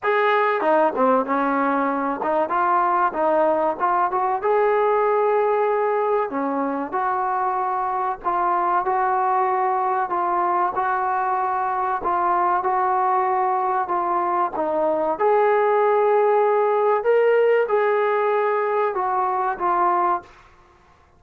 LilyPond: \new Staff \with { instrumentName = "trombone" } { \time 4/4 \tempo 4 = 95 gis'4 dis'8 c'8 cis'4. dis'8 | f'4 dis'4 f'8 fis'8 gis'4~ | gis'2 cis'4 fis'4~ | fis'4 f'4 fis'2 |
f'4 fis'2 f'4 | fis'2 f'4 dis'4 | gis'2. ais'4 | gis'2 fis'4 f'4 | }